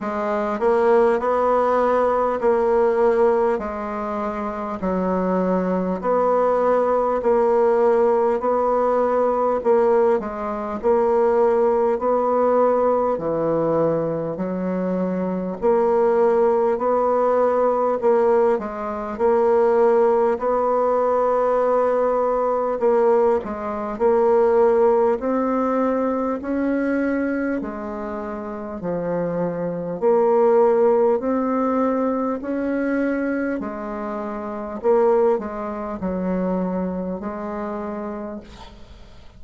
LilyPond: \new Staff \with { instrumentName = "bassoon" } { \time 4/4 \tempo 4 = 50 gis8 ais8 b4 ais4 gis4 | fis4 b4 ais4 b4 | ais8 gis8 ais4 b4 e4 | fis4 ais4 b4 ais8 gis8 |
ais4 b2 ais8 gis8 | ais4 c'4 cis'4 gis4 | f4 ais4 c'4 cis'4 | gis4 ais8 gis8 fis4 gis4 | }